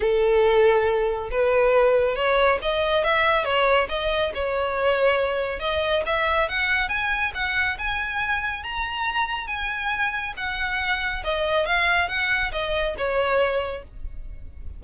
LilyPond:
\new Staff \with { instrumentName = "violin" } { \time 4/4 \tempo 4 = 139 a'2. b'4~ | b'4 cis''4 dis''4 e''4 | cis''4 dis''4 cis''2~ | cis''4 dis''4 e''4 fis''4 |
gis''4 fis''4 gis''2 | ais''2 gis''2 | fis''2 dis''4 f''4 | fis''4 dis''4 cis''2 | }